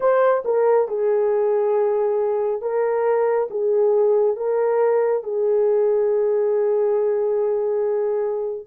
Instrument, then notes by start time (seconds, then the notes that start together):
horn
0.00 C5
0.44 A#4
0.87 G#4
2.61 A#4
3.50 G#4
4.36 A#4
5.23 G#4